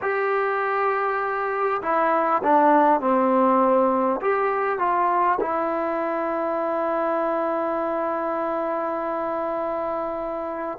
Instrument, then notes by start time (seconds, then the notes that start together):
trombone
0.01 G4
1.82 E4
2.43 D4
3.00 C4
4.21 G4
4.78 F4
5.40 E4